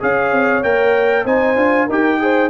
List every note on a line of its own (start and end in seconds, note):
0.00 0.32 C#4
0.00 0.62 G#4
0.00 1.25 C#5
0.00 0.63 F5
0.32 0.63 C4
0.63 1.25 A#3
0.63 1.25 A#4
0.63 1.25 G5
1.25 1.56 C4
1.25 1.56 D#4
1.25 1.86 C5
1.25 1.88 G#5
1.56 1.87 D4
1.56 1.87 F4
1.86 2.50 D#4
1.86 2.20 G4
1.86 2.18 A#4
1.86 2.50 G5
2.20 2.50 G#4
2.20 2.50 C5